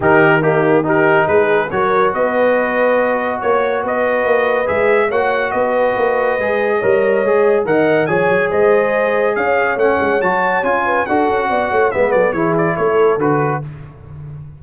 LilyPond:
<<
  \new Staff \with { instrumentName = "trumpet" } { \time 4/4 \tempo 4 = 141 ais'4 g'4 ais'4 b'4 | cis''4 dis''2. | cis''4 dis''2 e''4 | fis''4 dis''2.~ |
dis''2 fis''4 gis''4 | dis''2 f''4 fis''4 | a''4 gis''4 fis''2 | e''8 d''8 cis''8 d''8 cis''4 b'4 | }
  \new Staff \with { instrumentName = "horn" } { \time 4/4 g'4 dis'4 g'4 gis'4 | ais'4 b'2. | cis''4 b'2. | cis''4 b'2. |
cis''2 dis''4 cis''4 | c''2 cis''2~ | cis''4. b'8 a'4 d''8 cis''8 | b'8 a'8 gis'4 a'2 | }
  \new Staff \with { instrumentName = "trombone" } { \time 4/4 dis'4 ais4 dis'2 | fis'1~ | fis'2. gis'4 | fis'2. gis'4 |
ais'4 gis'4 ais'4 gis'4~ | gis'2. cis'4 | fis'4 f'4 fis'2 | b4 e'2 fis'4 | }
  \new Staff \with { instrumentName = "tuba" } { \time 4/4 dis2. gis4 | fis4 b2. | ais4 b4 ais4 gis4 | ais4 b4 ais4 gis4 |
g4 gis4 dis4 f8 fis8 | gis2 cis'4 a8 gis8 | fis4 cis'4 d'8 cis'8 b8 a8 | gis8 fis8 e4 a4 d4 | }
>>